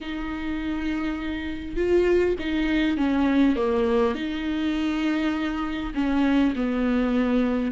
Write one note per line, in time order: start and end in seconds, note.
0.01 1.76 D#4
1.76 2.35 F4
2.39 2.97 D#4
2.97 3.56 C#4
3.56 4.14 A#3
4.14 5.93 D#4
5.94 6.53 C#4
6.55 7.71 B3